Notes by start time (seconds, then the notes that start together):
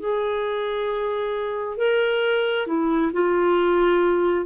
0.00 G#4
1.77 A#4
2.67 E4
3.13 F4